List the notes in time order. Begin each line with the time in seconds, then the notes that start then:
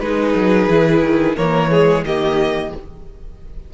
0.00 G#3 D#4 G#4 B4
0.36 F#3
0.69 E3 E4
1.03 D#3
1.37 E3 A#3 A#4 C#5
1.71 G#3 G#4
2.04 D#3 A#3 G4 D#5